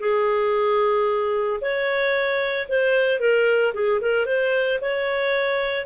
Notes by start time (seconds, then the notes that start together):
0.00 G#4
1.61 C#5
2.69 C5
3.20 A#4
3.74 G#4
4.02 A#4
4.26 C5
4.81 C#5